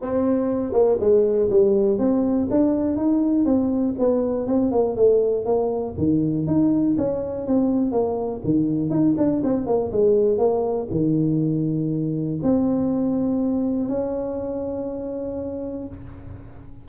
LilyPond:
\new Staff \with { instrumentName = "tuba" } { \time 4/4 \tempo 4 = 121 c'4. ais8 gis4 g4 | c'4 d'4 dis'4 c'4 | b4 c'8 ais8 a4 ais4 | dis4 dis'4 cis'4 c'4 |
ais4 dis4 dis'8 d'8 c'8 ais8 | gis4 ais4 dis2~ | dis4 c'2. | cis'1 | }